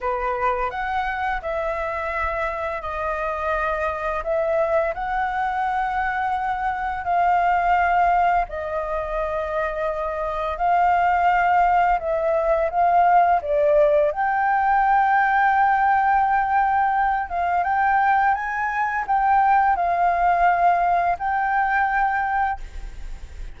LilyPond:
\new Staff \with { instrumentName = "flute" } { \time 4/4 \tempo 4 = 85 b'4 fis''4 e''2 | dis''2 e''4 fis''4~ | fis''2 f''2 | dis''2. f''4~ |
f''4 e''4 f''4 d''4 | g''1~ | g''8 f''8 g''4 gis''4 g''4 | f''2 g''2 | }